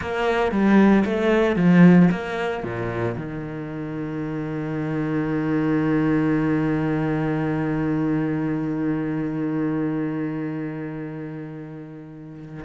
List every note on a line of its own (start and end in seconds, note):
0.01 0.51 A#3
0.51 1.04 G3
1.04 1.56 A3
1.56 2.08 F3
2.11 2.63 A#3
2.63 3.16 A#2
3.17 12.64 D#3